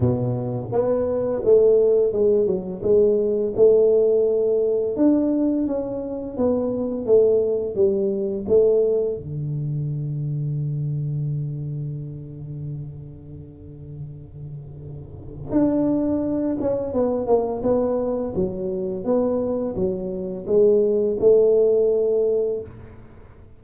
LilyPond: \new Staff \with { instrumentName = "tuba" } { \time 4/4 \tempo 4 = 85 b,4 b4 a4 gis8 fis8 | gis4 a2 d'4 | cis'4 b4 a4 g4 | a4 d2.~ |
d1~ | d2 d'4. cis'8 | b8 ais8 b4 fis4 b4 | fis4 gis4 a2 | }